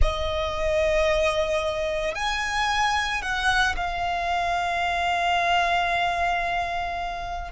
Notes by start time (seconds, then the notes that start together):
0.01 D#5
2.14 G#5
3.21 F#5
3.76 F5